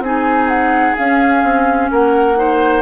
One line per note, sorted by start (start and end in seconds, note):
0.00 0.94 C4
0.00 0.97 D#4
0.00 1.92 G#4
0.00 0.49 G#5
0.49 0.96 F#5
0.97 2.36 C#4
0.97 1.44 C#4
0.97 1.91 F5
1.44 1.90 C4
1.92 2.82 A#3
1.92 2.38 A#4
1.92 2.82 F#5
2.36 2.82 D#4
2.36 2.82 C5